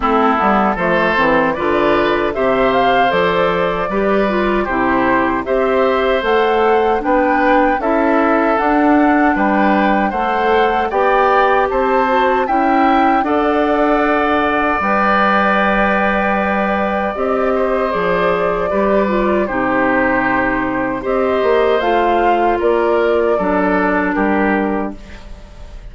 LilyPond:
<<
  \new Staff \with { instrumentName = "flute" } { \time 4/4 \tempo 4 = 77 a'4 c''4 d''4 e''8 f''8 | d''2 c''4 e''4 | fis''4 g''4 e''4 fis''4 | g''4 fis''4 g''4 a''4 |
g''4 fis''2 g''4~ | g''2 dis''4 d''4~ | d''4 c''2 dis''4 | f''4 d''2 ais'4 | }
  \new Staff \with { instrumentName = "oboe" } { \time 4/4 e'4 a'4 b'4 c''4~ | c''4 b'4 g'4 c''4~ | c''4 b'4 a'2 | b'4 c''4 d''4 c''4 |
e''4 d''2.~ | d''2~ d''8 c''4. | b'4 g'2 c''4~ | c''4 ais'4 a'4 g'4 | }
  \new Staff \with { instrumentName = "clarinet" } { \time 4/4 c'8 b8 a8 c'8 f'4 g'4 | a'4 g'8 f'8 e'4 g'4 | a'4 d'4 e'4 d'4~ | d'4 a'4 g'4. fis'8 |
e'4 a'2 b'4~ | b'2 g'4 gis'4 | g'8 f'8 dis'2 g'4 | f'2 d'2 | }
  \new Staff \with { instrumentName = "bassoon" } { \time 4/4 a8 g8 f8 e8 d4 c4 | f4 g4 c4 c'4 | a4 b4 cis'4 d'4 | g4 a4 b4 c'4 |
cis'4 d'2 g4~ | g2 c'4 f4 | g4 c2 c'8 ais8 | a4 ais4 fis4 g4 | }
>>